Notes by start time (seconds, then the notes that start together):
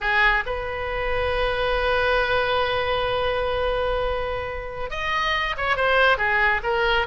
0.00 G#4
0.46 B4
4.90 D#5
5.57 C#5
5.76 C5
6.17 G#4
6.63 A#4